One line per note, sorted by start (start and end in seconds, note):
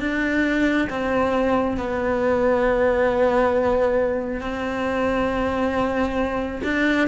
0.00 0.88 D4
0.90 1.77 C4
1.77 4.41 B3
4.41 6.61 C4
6.64 7.08 D4